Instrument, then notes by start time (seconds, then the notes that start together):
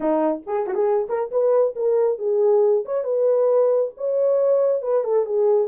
horn
0.00 D#4
0.46 G#4
0.66 F#4
0.74 G#4
1.08 A#4
1.31 B4
1.75 A#4
2.18 G#4
2.85 C#5
3.04 B4
3.97 C#5
4.82 B4
5.03 A4
5.25 G#4